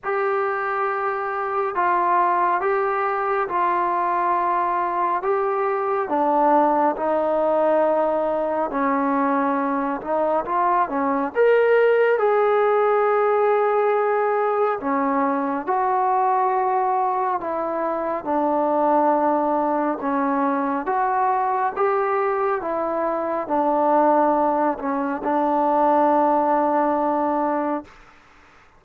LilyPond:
\new Staff \with { instrumentName = "trombone" } { \time 4/4 \tempo 4 = 69 g'2 f'4 g'4 | f'2 g'4 d'4 | dis'2 cis'4. dis'8 | f'8 cis'8 ais'4 gis'2~ |
gis'4 cis'4 fis'2 | e'4 d'2 cis'4 | fis'4 g'4 e'4 d'4~ | d'8 cis'8 d'2. | }